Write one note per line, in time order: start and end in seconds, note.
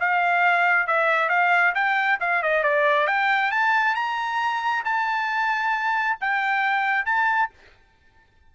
0.00 0.87 F5
0.87 1.29 E5
1.29 1.74 F5
1.75 2.19 G5
2.20 2.43 F5
2.43 2.63 D#5
2.63 3.07 D5
3.07 3.52 G5
3.52 3.95 A5
3.95 4.84 A#5
4.85 6.18 A5
6.21 7.06 G5
7.06 7.50 A5